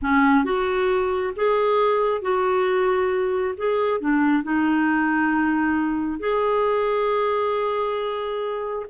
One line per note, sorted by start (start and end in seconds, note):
0.02 0.44 C#4
0.44 1.33 F#4
1.36 2.21 G#4
2.21 3.55 F#4
3.57 4.00 G#4
4.00 4.43 D4
4.43 6.19 D#4
6.19 8.86 G#4